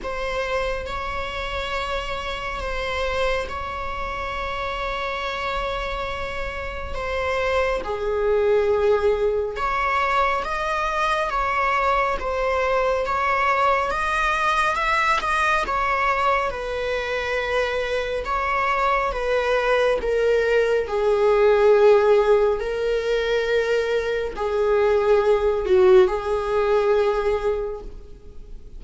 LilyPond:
\new Staff \with { instrumentName = "viola" } { \time 4/4 \tempo 4 = 69 c''4 cis''2 c''4 | cis''1 | c''4 gis'2 cis''4 | dis''4 cis''4 c''4 cis''4 |
dis''4 e''8 dis''8 cis''4 b'4~ | b'4 cis''4 b'4 ais'4 | gis'2 ais'2 | gis'4. fis'8 gis'2 | }